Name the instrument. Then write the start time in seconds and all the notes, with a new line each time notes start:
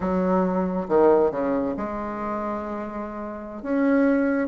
bassoon
0.00 F#3
0.88 D#3
1.31 C#3
1.76 G#3
3.62 C#4